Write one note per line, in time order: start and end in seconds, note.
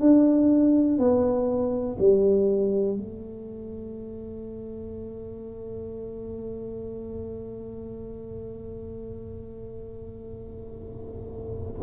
0.00 0.98 D4
0.98 1.97 B3
1.99 2.96 G3
2.96 11.82 A3